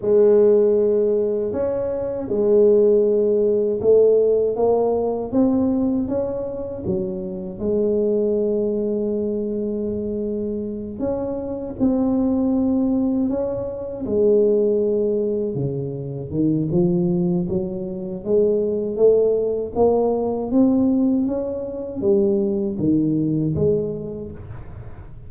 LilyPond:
\new Staff \with { instrumentName = "tuba" } { \time 4/4 \tempo 4 = 79 gis2 cis'4 gis4~ | gis4 a4 ais4 c'4 | cis'4 fis4 gis2~ | gis2~ gis8 cis'4 c'8~ |
c'4. cis'4 gis4.~ | gis8 cis4 dis8 f4 fis4 | gis4 a4 ais4 c'4 | cis'4 g4 dis4 gis4 | }